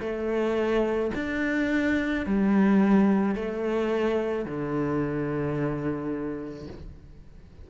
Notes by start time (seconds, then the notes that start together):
0.00 A3
1.15 D4
2.26 G3
3.35 A3
4.45 D3